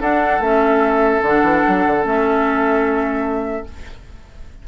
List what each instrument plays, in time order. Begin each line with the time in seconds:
0.00 clarinet D4, bassoon D4, oboe A4, flute F#5
0.40 bassoon A3, clarinet C#4, flute E5
1.23 bassoon D3, clarinet D4, flute F#5
1.43 bassoon E3
1.68 bassoon F#3
1.87 bassoon D3
2.03 bassoon A3, clarinet C#4, flute E5